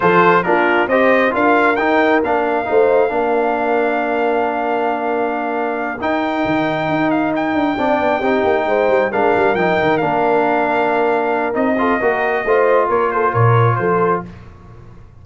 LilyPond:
<<
  \new Staff \with { instrumentName = "trumpet" } { \time 4/4 \tempo 4 = 135 c''4 ais'4 dis''4 f''4 | g''4 f''2.~ | f''1~ | f''4. g''2~ g''8 |
f''8 g''2.~ g''8~ | g''8 f''4 g''4 f''4.~ | f''2 dis''2~ | dis''4 cis''8 c''8 cis''4 c''4 | }
  \new Staff \with { instrumentName = "horn" } { \time 4/4 a'4 f'4 c''4 ais'4~ | ais'2 c''4 ais'4~ | ais'1~ | ais'1~ |
ais'4. d''4 g'4 c''8~ | c''8 ais'2.~ ais'8~ | ais'2~ ais'8 a'8 ais'4 | c''4 ais'8 a'8 ais'4 a'4 | }
  \new Staff \with { instrumentName = "trombone" } { \time 4/4 f'4 d'4 g'4 f'4 | dis'4 d'4 dis'4 d'4~ | d'1~ | d'4. dis'2~ dis'8~ |
dis'4. d'4 dis'4.~ | dis'8 d'4 dis'4 d'4.~ | d'2 dis'8 f'8 fis'4 | f'1 | }
  \new Staff \with { instrumentName = "tuba" } { \time 4/4 f4 ais4 c'4 d'4 | dis'4 ais4 a4 ais4~ | ais1~ | ais4. dis'4 dis4 dis'8~ |
dis'4 d'8 c'8 b8 c'8 ais8 gis8 | g8 gis8 g8 f8 dis8 ais4.~ | ais2 c'4 ais4 | a4 ais4 ais,4 f4 | }
>>